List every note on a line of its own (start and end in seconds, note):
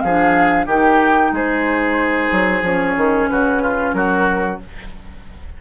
0.00 0.66 F3
0.00 0.66 G#4
0.00 0.65 F5
0.07 0.68 D4
0.66 1.32 D#3
0.66 2.64 D#4
0.66 1.31 G4
0.66 1.35 G5
1.32 2.29 G#3
1.32 3.30 G#4
1.32 2.65 C5
2.32 2.62 F#3
2.62 2.95 F3
2.62 4.60 C#4
2.62 3.29 C#5
2.97 3.29 D#3
3.29 3.93 C#3
3.29 3.62 F#4
3.29 3.93 B4
3.62 3.95 F4
3.93 4.58 F#3
3.93 4.61 F#4
3.93 4.58 A#4